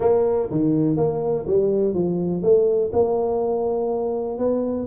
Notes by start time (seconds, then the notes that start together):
0.00 A#3
0.50 D#3
0.96 A#3
1.46 G3
1.94 F3
2.42 A3
2.92 A#3
4.38 B3